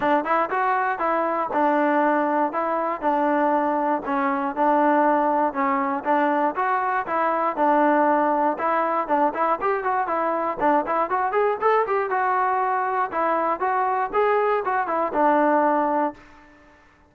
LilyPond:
\new Staff \with { instrumentName = "trombone" } { \time 4/4 \tempo 4 = 119 d'8 e'8 fis'4 e'4 d'4~ | d'4 e'4 d'2 | cis'4 d'2 cis'4 | d'4 fis'4 e'4 d'4~ |
d'4 e'4 d'8 e'8 g'8 fis'8 | e'4 d'8 e'8 fis'8 gis'8 a'8 g'8 | fis'2 e'4 fis'4 | gis'4 fis'8 e'8 d'2 | }